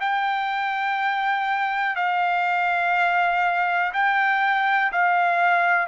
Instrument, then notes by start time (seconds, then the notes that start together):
trumpet
0.00 G5
1.96 F5
3.93 G5
4.92 F5